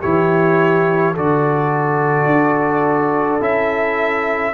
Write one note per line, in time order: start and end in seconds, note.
0.00 1.16 E3
0.00 1.15 E4
0.00 1.13 G4
0.00 1.14 C#5
1.13 2.25 D3
1.13 3.40 F#4
1.13 4.53 A4
1.13 3.42 D5
2.25 3.38 D4
3.40 4.53 C#4
3.40 4.53 E4
3.40 4.53 E5